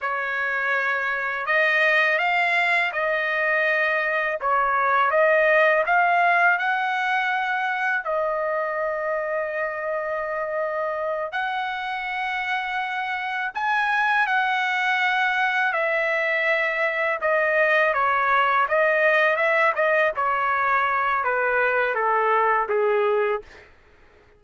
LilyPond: \new Staff \with { instrumentName = "trumpet" } { \time 4/4 \tempo 4 = 82 cis''2 dis''4 f''4 | dis''2 cis''4 dis''4 | f''4 fis''2 dis''4~ | dis''2.~ dis''8 fis''8~ |
fis''2~ fis''8 gis''4 fis''8~ | fis''4. e''2 dis''8~ | dis''8 cis''4 dis''4 e''8 dis''8 cis''8~ | cis''4 b'4 a'4 gis'4 | }